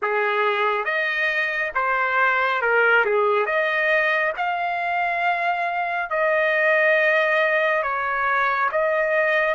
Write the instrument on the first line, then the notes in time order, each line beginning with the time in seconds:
trumpet
0.02 G#4
0.84 D#5
1.74 C5
2.61 A#4
3.05 G#4
3.45 D#5
4.36 F5
6.09 D#5
7.82 C#5
8.72 D#5